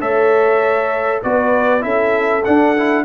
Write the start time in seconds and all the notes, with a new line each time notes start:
0.00 A3 A4 C#5 E5
1.23 B3 F#4 B4 D5
1.80 C#4 E4 A4 E5
2.44 D4 F#5
2.76 E4